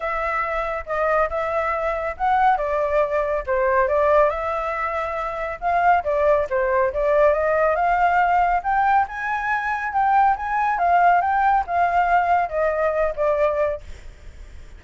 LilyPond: \new Staff \with { instrumentName = "flute" } { \time 4/4 \tempo 4 = 139 e''2 dis''4 e''4~ | e''4 fis''4 d''2 | c''4 d''4 e''2~ | e''4 f''4 d''4 c''4 |
d''4 dis''4 f''2 | g''4 gis''2 g''4 | gis''4 f''4 g''4 f''4~ | f''4 dis''4. d''4. | }